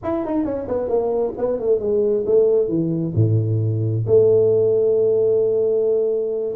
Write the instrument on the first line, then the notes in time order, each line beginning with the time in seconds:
tuba
0.03 E4
0.25 D#4
0.44 C#4
0.68 B3
0.88 A#3
1.37 B3
1.59 A3
1.79 G#3
2.26 A3
2.68 E3
3.14 A2
4.06 A3